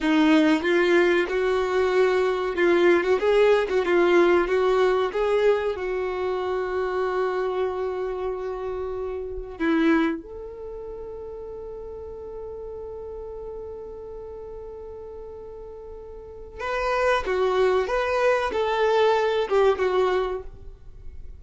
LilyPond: \new Staff \with { instrumentName = "violin" } { \time 4/4 \tempo 4 = 94 dis'4 f'4 fis'2 | f'8. fis'16 gis'8. fis'16 f'4 fis'4 | gis'4 fis'2.~ | fis'2. e'4 |
a'1~ | a'1~ | a'2 b'4 fis'4 | b'4 a'4. g'8 fis'4 | }